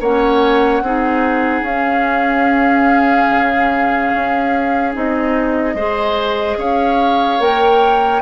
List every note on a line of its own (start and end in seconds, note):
0.00 0.81 A#3
0.00 0.84 C#4
0.00 0.82 C#5
0.00 1.64 F#5
0.81 1.61 C4
0.81 1.66 D#4
0.81 5.75 G#4
1.61 3.26 C#4
1.61 4.93 C#4
1.61 4.93 F5
3.29 4.12 C#3
4.13 4.95 C#4
4.93 5.74 C4
4.93 5.75 D#4
4.93 6.59 D#5
5.74 6.56 G#3
5.74 7.39 G#4
5.74 6.57 C5
6.57 7.39 C#4
6.57 8.22 C#5
6.57 7.41 F5
7.39 8.22 A#3
7.39 8.22 A#4
7.39 8.22 G5